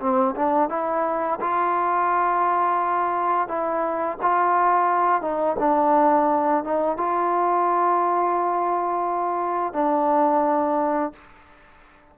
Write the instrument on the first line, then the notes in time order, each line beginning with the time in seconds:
trombone
0.00 C4
0.36 D4
0.69 E4
1.40 F4
3.48 E4
4.22 F4
5.21 D#4
5.59 D4
6.64 D#4
6.97 F4
9.73 D4